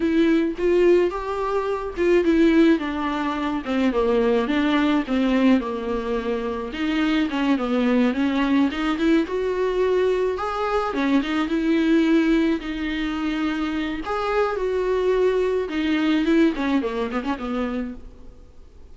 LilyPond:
\new Staff \with { instrumentName = "viola" } { \time 4/4 \tempo 4 = 107 e'4 f'4 g'4. f'8 | e'4 d'4. c'8 ais4 | d'4 c'4 ais2 | dis'4 cis'8 b4 cis'4 dis'8 |
e'8 fis'2 gis'4 cis'8 | dis'8 e'2 dis'4.~ | dis'4 gis'4 fis'2 | dis'4 e'8 cis'8 ais8 b16 cis'16 b4 | }